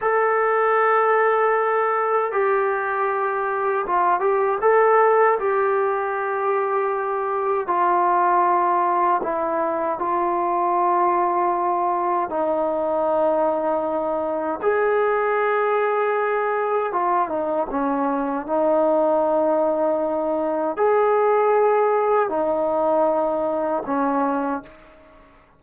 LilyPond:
\new Staff \with { instrumentName = "trombone" } { \time 4/4 \tempo 4 = 78 a'2. g'4~ | g'4 f'8 g'8 a'4 g'4~ | g'2 f'2 | e'4 f'2. |
dis'2. gis'4~ | gis'2 f'8 dis'8 cis'4 | dis'2. gis'4~ | gis'4 dis'2 cis'4 | }